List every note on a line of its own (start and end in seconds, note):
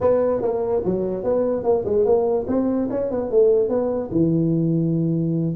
0.01 0.41 B3
0.41 0.82 A#3
0.85 1.23 F#3
1.23 1.63 B3
1.63 1.84 A#3
1.85 2.05 G#3
2.05 2.46 A#3
2.47 2.88 C4
2.90 3.10 C#4
3.10 3.30 B3
3.30 3.69 A3
3.69 4.10 B3
4.11 5.55 E3